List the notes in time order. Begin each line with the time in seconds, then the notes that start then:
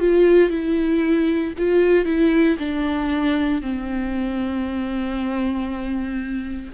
0.00 F4
0.50 E4
1.58 F4
2.05 E4
2.59 D4
3.62 C4